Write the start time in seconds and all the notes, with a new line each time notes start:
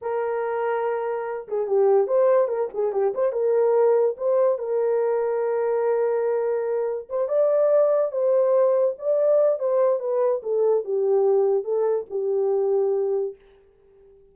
0.01 A#4
1.48 G#4
1.67 G4
2.07 C5
2.48 A#4
2.73 G#4
2.92 G4
3.14 C5
3.32 A#4
4.17 C5
4.58 A#4
7.09 C5
7.28 D5
8.11 C5
8.98 D5
9.59 C5
9.99 B4
10.42 A4
10.84 G4
11.64 A4
12.10 G4